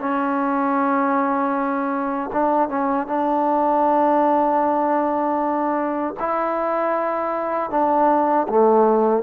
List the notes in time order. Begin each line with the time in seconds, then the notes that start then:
0.00 C#4
2.33 D4
2.69 C#4
3.07 D4
6.20 E4
7.71 D4
8.49 A3